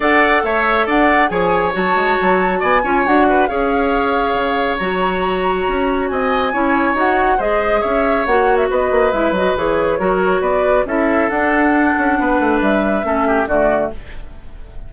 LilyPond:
<<
  \new Staff \with { instrumentName = "flute" } { \time 4/4 \tempo 4 = 138 fis''4 e''4 fis''4 gis''4 | a''2 gis''4 fis''4 | f''2. ais''4~ | ais''2 gis''2 |
fis''4 dis''4 e''4 fis''8. e''16 | dis''4 e''8 dis''8 cis''2 | d''4 e''4 fis''2~ | fis''4 e''2 d''4 | }
  \new Staff \with { instrumentName = "oboe" } { \time 4/4 d''4 cis''4 d''4 cis''4~ | cis''2 d''8 cis''4 b'8 | cis''1~ | cis''2 dis''4 cis''4~ |
cis''4 c''4 cis''2 | b'2. ais'4 | b'4 a'2. | b'2 a'8 g'8 fis'4 | }
  \new Staff \with { instrumentName = "clarinet" } { \time 4/4 a'2. gis'4 | fis'2~ fis'8 f'8 fis'4 | gis'2. fis'4~ | fis'2. e'4 |
fis'4 gis'2 fis'4~ | fis'4 e'8 fis'8 gis'4 fis'4~ | fis'4 e'4 d'2~ | d'2 cis'4 a4 | }
  \new Staff \with { instrumentName = "bassoon" } { \time 4/4 d'4 a4 d'4 f4 | fis8 gis8 fis4 b8 cis'8 d'4 | cis'2 cis4 fis4~ | fis4 cis'4 c'4 cis'4 |
dis'4 gis4 cis'4 ais4 | b8 ais8 gis8 fis8 e4 fis4 | b4 cis'4 d'4. cis'8 | b8 a8 g4 a4 d4 | }
>>